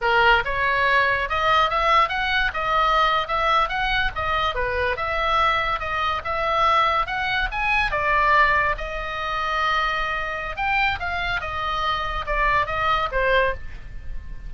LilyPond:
\new Staff \with { instrumentName = "oboe" } { \time 4/4 \tempo 4 = 142 ais'4 cis''2 dis''4 | e''4 fis''4 dis''4.~ dis''16 e''16~ | e''8. fis''4 dis''4 b'4 e''16~ | e''4.~ e''16 dis''4 e''4~ e''16~ |
e''8. fis''4 gis''4 d''4~ d''16~ | d''8. dis''2.~ dis''16~ | dis''4 g''4 f''4 dis''4~ | dis''4 d''4 dis''4 c''4 | }